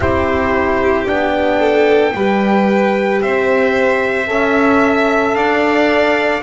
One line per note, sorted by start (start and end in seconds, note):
0.00 1.07 C4
0.00 1.06 E4
0.00 1.59 G4
0.00 1.07 C5
1.06 2.14 B3
1.06 2.13 D4
1.06 3.21 G5
1.59 2.13 A4
2.14 3.21 G3
2.14 4.27 G4
2.14 3.22 B4
3.21 4.28 C4
3.21 4.29 C5
3.21 5.35 E5
4.27 5.34 C#4
4.27 6.41 A4
4.27 5.36 E5
5.34 6.41 D4
5.34 6.42 D5
5.34 6.42 F5